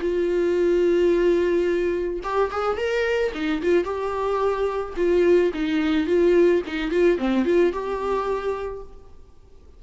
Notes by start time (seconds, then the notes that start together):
0.00 F4
2.23 G4
2.51 G#4
2.77 A#4
3.34 D#4
3.62 F4
3.84 G4
4.96 F4
5.54 D#4
6.07 F4
6.67 D#4
6.91 F4
7.18 C4
7.45 F4
7.72 G4